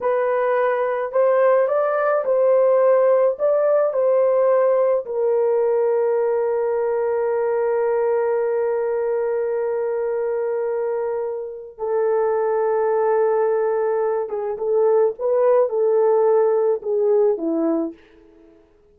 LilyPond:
\new Staff \with { instrumentName = "horn" } { \time 4/4 \tempo 4 = 107 b'2 c''4 d''4 | c''2 d''4 c''4~ | c''4 ais'2.~ | ais'1~ |
ais'1~ | ais'4 a'2.~ | a'4. gis'8 a'4 b'4 | a'2 gis'4 e'4 | }